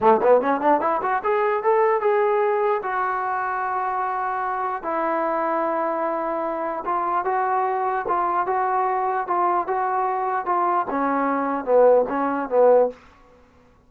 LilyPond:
\new Staff \with { instrumentName = "trombone" } { \time 4/4 \tempo 4 = 149 a8 b8 cis'8 d'8 e'8 fis'8 gis'4 | a'4 gis'2 fis'4~ | fis'1 | e'1~ |
e'4 f'4 fis'2 | f'4 fis'2 f'4 | fis'2 f'4 cis'4~ | cis'4 b4 cis'4 b4 | }